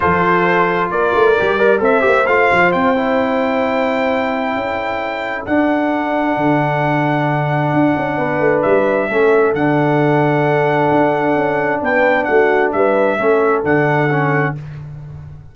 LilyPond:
<<
  \new Staff \with { instrumentName = "trumpet" } { \time 4/4 \tempo 4 = 132 c''2 d''2 | e''4 f''4 g''2~ | g''1 | fis''1~ |
fis''2. e''4~ | e''4 fis''2.~ | fis''2 g''4 fis''4 | e''2 fis''2 | }
  \new Staff \with { instrumentName = "horn" } { \time 4/4 a'2 ais'4. d''8 | c''1~ | c''2 a'2~ | a'1~ |
a'2 b'2 | a'1~ | a'2 b'4 fis'4 | b'4 a'2. | }
  \new Staff \with { instrumentName = "trombone" } { \time 4/4 f'2. g'8 ais'8 | a'8 g'8 f'4. e'4.~ | e'1 | d'1~ |
d'1 | cis'4 d'2.~ | d'1~ | d'4 cis'4 d'4 cis'4 | }
  \new Staff \with { instrumentName = "tuba" } { \time 4/4 f2 ais8 a8 g4 | c'8 ais8 a8 f8 c'2~ | c'2 cis'2 | d'2 d2~ |
d4 d'8 cis'8 b8 a8 g4 | a4 d2. | d'4 cis'4 b4 a4 | g4 a4 d2 | }
>>